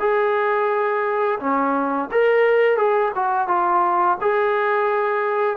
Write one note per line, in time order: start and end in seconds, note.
0.00 1.40 G#4
1.40 2.10 C#4
2.12 2.77 A#4
2.77 3.12 G#4
3.15 3.48 F#4
3.48 4.18 F4
4.21 5.58 G#4